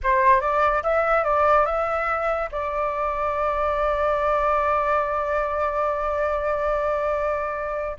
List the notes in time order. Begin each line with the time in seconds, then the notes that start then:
0.03 C5
0.41 D5
0.83 E5
1.23 D5
1.65 E5
2.51 D5